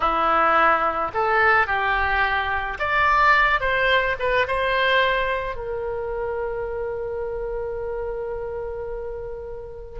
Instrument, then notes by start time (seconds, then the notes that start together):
oboe
0.00 E4
1.14 A4
1.66 G4
2.79 D5
3.60 C5
4.19 B4
4.47 C5
5.55 A#4